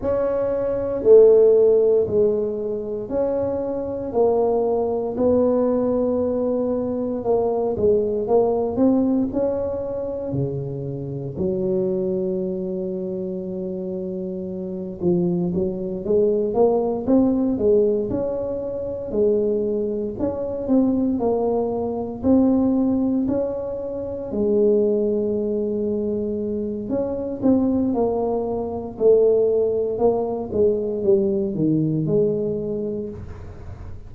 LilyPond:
\new Staff \with { instrumentName = "tuba" } { \time 4/4 \tempo 4 = 58 cis'4 a4 gis4 cis'4 | ais4 b2 ais8 gis8 | ais8 c'8 cis'4 cis4 fis4~ | fis2~ fis8 f8 fis8 gis8 |
ais8 c'8 gis8 cis'4 gis4 cis'8 | c'8 ais4 c'4 cis'4 gis8~ | gis2 cis'8 c'8 ais4 | a4 ais8 gis8 g8 dis8 gis4 | }